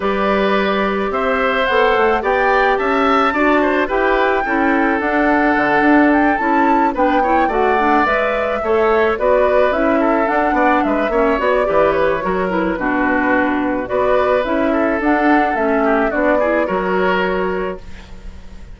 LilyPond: <<
  \new Staff \with { instrumentName = "flute" } { \time 4/4 \tempo 4 = 108 d''2 e''4 fis''4 | g''4 a''2 g''4~ | g''4 fis''2 g''8 a''8~ | a''8 g''4 fis''4 e''4.~ |
e''8 d''4 e''4 fis''4 e''8~ | e''8 d''4 cis''4 b'4.~ | b'4 d''4 e''4 fis''4 | e''4 d''4 cis''2 | }
  \new Staff \with { instrumentName = "oboe" } { \time 4/4 b'2 c''2 | d''4 e''4 d''8 c''8 b'4 | a'1~ | a'8 b'8 cis''8 d''2 cis''8~ |
cis''8 b'4. a'4 d''8 b'8 | cis''4 b'4 ais'4 fis'4~ | fis'4 b'4. a'4.~ | a'8 g'8 fis'8 gis'8 ais'2 | }
  \new Staff \with { instrumentName = "clarinet" } { \time 4/4 g'2. a'4 | g'2 fis'4 g'4 | e'4 d'2~ d'8 e'8~ | e'8 d'8 e'8 fis'8 d'8 b'4 a'8~ |
a'8 fis'4 e'4 d'4. | cis'8 fis'8 g'4 fis'8 e'8 d'4~ | d'4 fis'4 e'4 d'4 | cis'4 d'8 e'8 fis'2 | }
  \new Staff \with { instrumentName = "bassoon" } { \time 4/4 g2 c'4 b8 a8 | b4 cis'4 d'4 e'4 | cis'4 d'4 d8 d'4 cis'8~ | cis'8 b4 a4 gis4 a8~ |
a8 b4 cis'4 d'8 b8 gis8 | ais8 b8 e4 fis4 b,4~ | b,4 b4 cis'4 d'4 | a4 b4 fis2 | }
>>